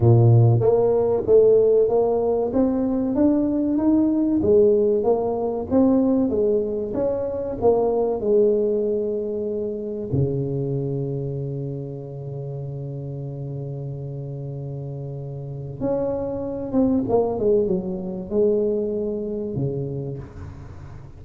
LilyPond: \new Staff \with { instrumentName = "tuba" } { \time 4/4 \tempo 4 = 95 ais,4 ais4 a4 ais4 | c'4 d'4 dis'4 gis4 | ais4 c'4 gis4 cis'4 | ais4 gis2. |
cis1~ | cis1~ | cis4 cis'4. c'8 ais8 gis8 | fis4 gis2 cis4 | }